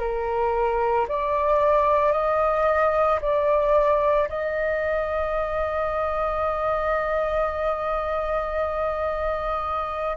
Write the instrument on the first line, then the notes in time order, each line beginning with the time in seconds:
flute
0.00 A#4
1.09 D5
2.12 D#5
3.22 D5
4.29 D#5